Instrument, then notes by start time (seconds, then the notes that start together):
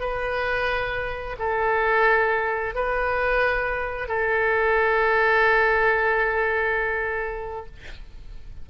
oboe
0.00 B4
1.39 A4
2.75 B4
4.08 A4